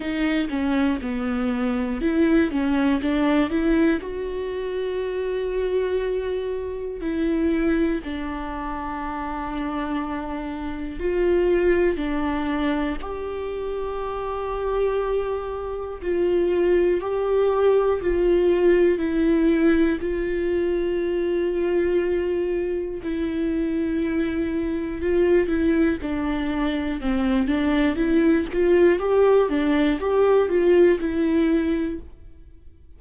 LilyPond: \new Staff \with { instrumentName = "viola" } { \time 4/4 \tempo 4 = 60 dis'8 cis'8 b4 e'8 cis'8 d'8 e'8 | fis'2. e'4 | d'2. f'4 | d'4 g'2. |
f'4 g'4 f'4 e'4 | f'2. e'4~ | e'4 f'8 e'8 d'4 c'8 d'8 | e'8 f'8 g'8 d'8 g'8 f'8 e'4 | }